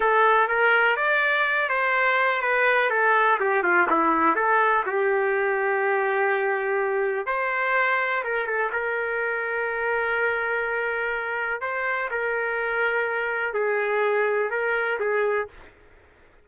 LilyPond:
\new Staff \with { instrumentName = "trumpet" } { \time 4/4 \tempo 4 = 124 a'4 ais'4 d''4. c''8~ | c''4 b'4 a'4 g'8 f'8 | e'4 a'4 g'2~ | g'2. c''4~ |
c''4 ais'8 a'8 ais'2~ | ais'1 | c''4 ais'2. | gis'2 ais'4 gis'4 | }